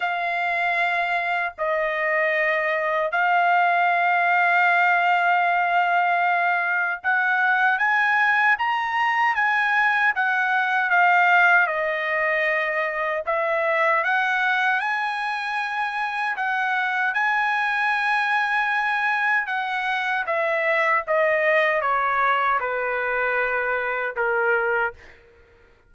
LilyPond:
\new Staff \with { instrumentName = "trumpet" } { \time 4/4 \tempo 4 = 77 f''2 dis''2 | f''1~ | f''4 fis''4 gis''4 ais''4 | gis''4 fis''4 f''4 dis''4~ |
dis''4 e''4 fis''4 gis''4~ | gis''4 fis''4 gis''2~ | gis''4 fis''4 e''4 dis''4 | cis''4 b'2 ais'4 | }